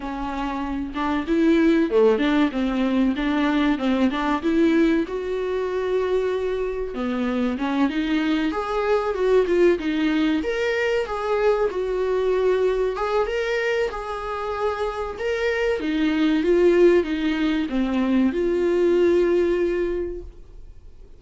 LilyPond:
\new Staff \with { instrumentName = "viola" } { \time 4/4 \tempo 4 = 95 cis'4. d'8 e'4 a8 d'8 | c'4 d'4 c'8 d'8 e'4 | fis'2. b4 | cis'8 dis'4 gis'4 fis'8 f'8 dis'8~ |
dis'8 ais'4 gis'4 fis'4.~ | fis'8 gis'8 ais'4 gis'2 | ais'4 dis'4 f'4 dis'4 | c'4 f'2. | }